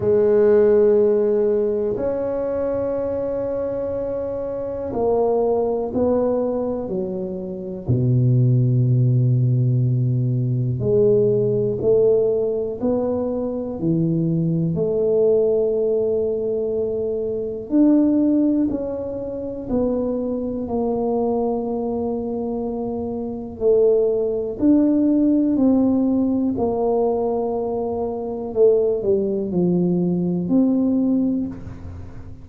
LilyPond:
\new Staff \with { instrumentName = "tuba" } { \time 4/4 \tempo 4 = 61 gis2 cis'2~ | cis'4 ais4 b4 fis4 | b,2. gis4 | a4 b4 e4 a4~ |
a2 d'4 cis'4 | b4 ais2. | a4 d'4 c'4 ais4~ | ais4 a8 g8 f4 c'4 | }